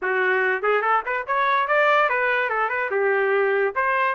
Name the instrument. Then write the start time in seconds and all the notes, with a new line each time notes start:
trumpet
0.02 F#4
0.62 G#4
0.81 A4
1.05 B4
1.26 C#5
1.67 D5
2.09 B4
2.49 A4
2.69 B4
2.91 G4
3.75 C5